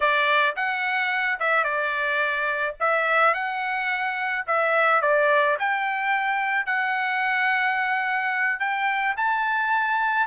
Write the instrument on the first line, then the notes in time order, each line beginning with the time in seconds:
trumpet
0.00 D5
0.56 F#5
1.39 E5
1.64 D5
2.80 E5
3.34 F#5
4.46 E5
5.01 D5
5.59 G5
6.66 F#5
8.59 G5
9.17 A5